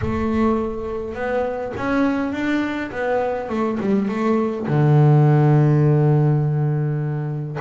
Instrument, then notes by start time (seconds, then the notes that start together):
double bass
0.01 A3
1.14 B3
1.76 C#4
2.32 D4
2.91 B3
3.49 A3
3.80 G3
4.08 A3
4.67 D3